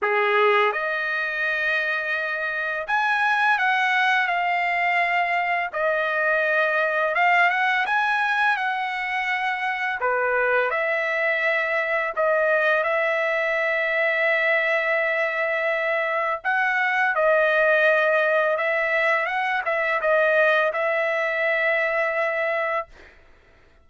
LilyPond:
\new Staff \with { instrumentName = "trumpet" } { \time 4/4 \tempo 4 = 84 gis'4 dis''2. | gis''4 fis''4 f''2 | dis''2 f''8 fis''8 gis''4 | fis''2 b'4 e''4~ |
e''4 dis''4 e''2~ | e''2. fis''4 | dis''2 e''4 fis''8 e''8 | dis''4 e''2. | }